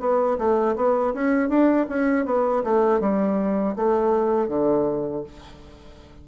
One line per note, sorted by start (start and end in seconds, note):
0.00 0.38 B3
0.38 0.76 A3
0.76 1.14 B3
1.14 1.49 C#4
1.49 1.86 D4
1.89 2.26 C#4
2.26 2.63 B3
2.64 3.01 A3
3.01 3.76 G3
3.76 4.49 A3
4.49 5.24 D3